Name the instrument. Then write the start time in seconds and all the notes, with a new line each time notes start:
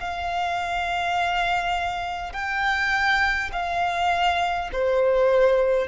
violin
0.00 F5
2.33 G5
3.52 F5
4.73 C5